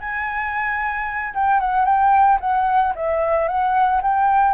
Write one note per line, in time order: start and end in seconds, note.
0.00 1.34 G#5
1.35 1.60 G5
1.60 1.85 F#5
1.85 2.39 G5
2.41 2.94 F#5
2.95 3.48 E5
3.48 4.01 F#5
4.02 4.54 G5